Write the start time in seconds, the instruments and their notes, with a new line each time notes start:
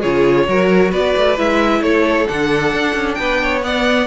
0.00 cello C#3, viola F4, violin G#4 C#5
0.48 cello F#3, viola F#4, violin A#4
0.92 cello B3, violin B4 D5
1.17 cello A3
1.37 cello G#3, viola E4, violin E5
1.81 cello A3, violin A4 C#5
2.27 cello D3, viola D4, violin F#5
2.74 cello D4
2.95 cello C#4
3.14 cello B3, violin B4 G5
3.43 violin C#5
3.62 viola B3, violin D5 F#5